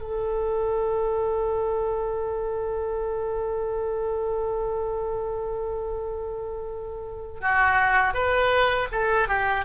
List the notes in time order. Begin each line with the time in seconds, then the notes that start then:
0.00 A4
7.40 F#4
8.13 B4
8.92 A4
9.28 G4